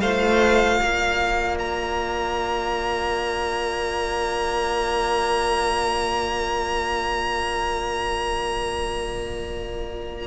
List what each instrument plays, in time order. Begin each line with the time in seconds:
0.00 cello A3, viola F4, violin C5 F5
0.79 cello A#3, violin D5
1.58 violin A#5